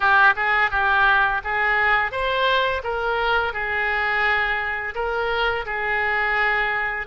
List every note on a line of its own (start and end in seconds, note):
0.00 0.34 G4
0.36 0.71 G#4
0.71 1.41 G4
1.44 2.11 G#4
2.11 2.82 C5
2.83 3.53 A#4
3.53 4.94 G#4
4.94 5.65 A#4
5.65 7.06 G#4